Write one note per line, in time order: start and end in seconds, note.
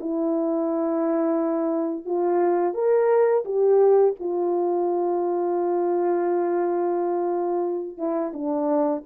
0.00 2.05 E4
2.05 2.74 F4
2.74 3.44 A#4
3.45 4.14 G4
4.20 7.98 F4
7.98 8.32 E4
8.33 9.03 D4